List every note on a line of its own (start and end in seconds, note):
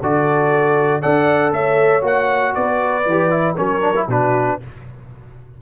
0.00 1.03 D3
0.00 1.01 F#4
0.00 1.01 A4
0.00 1.01 D5
1.01 1.52 D4
1.01 2.01 A4
1.01 1.51 D5
1.01 1.52 F#5
1.52 2.02 A3
1.52 2.54 C#5
1.52 2.03 E5
2.01 2.53 A#3
2.01 3.03 F#4
2.01 2.54 F#5
2.54 3.05 B3
2.54 3.56 B4
2.54 3.56 D5
3.05 3.56 E3
3.05 3.30 G4
3.30 3.55 E4
3.56 4.07 F#3
3.56 3.81 C#4
3.56 4.07 A#4
3.56 4.07 C#5
3.81 3.93 D4
3.95 4.08 E4
4.07 4.58 B2
4.07 4.60 D4
4.07 4.58 F#4
4.07 4.61 B4